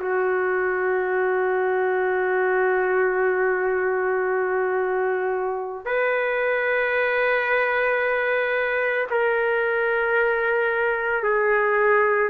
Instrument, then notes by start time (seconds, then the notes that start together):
trumpet
0.00 F#4
5.85 B4
9.10 A#4
11.23 G#4